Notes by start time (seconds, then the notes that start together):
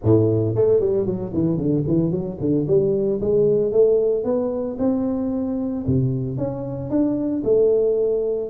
0.03 A2
0.55 A3
0.79 G3
1.06 F#3
1.33 E3
1.57 D3
1.87 E3
2.11 F#3
2.40 D3
2.67 G3
3.21 G#3
3.72 A3
4.24 B3
4.79 C4
5.86 C3
6.37 C#4
6.90 D4
7.43 A3